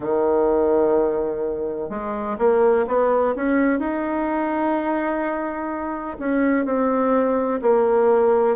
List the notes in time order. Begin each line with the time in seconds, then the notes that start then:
0.00 D#3
1.89 G#3
2.38 A#3
2.87 B3
3.35 C#4
3.79 D#4
6.19 C#4
6.65 C4
7.61 A#3